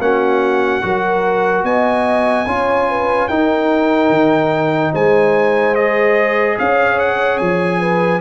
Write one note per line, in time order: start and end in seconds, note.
0.00 0.82 A#3
0.00 0.82 C#4
0.00 0.84 F#4
0.00 1.65 F#5
0.82 1.63 F#3
0.82 2.46 F#4
0.82 1.66 A#4
1.63 2.46 B3
1.63 2.48 D#5
1.63 3.28 G#5
2.46 3.28 C#4
2.46 3.30 F4
2.46 2.89 C#5
2.89 3.29 B4
3.28 4.10 D#4
3.28 5.76 D#4
3.28 4.92 A#4
3.28 4.92 G5
4.10 4.92 D#3
4.92 6.58 G#3
4.92 6.57 C5
4.92 5.75 G#5
5.75 8.21 G#4
5.75 6.57 D#5
6.59 7.40 C#4
6.59 7.80 C#5
6.59 6.99 F5
6.99 7.38 F#5
7.38 8.21 F3
7.38 8.20 G#5
7.80 8.21 B4